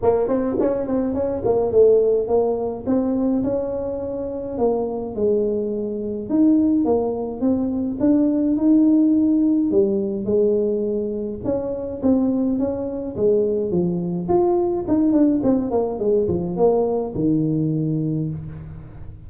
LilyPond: \new Staff \with { instrumentName = "tuba" } { \time 4/4 \tempo 4 = 105 ais8 c'8 cis'8 c'8 cis'8 ais8 a4 | ais4 c'4 cis'2 | ais4 gis2 dis'4 | ais4 c'4 d'4 dis'4~ |
dis'4 g4 gis2 | cis'4 c'4 cis'4 gis4 | f4 f'4 dis'8 d'8 c'8 ais8 | gis8 f8 ais4 dis2 | }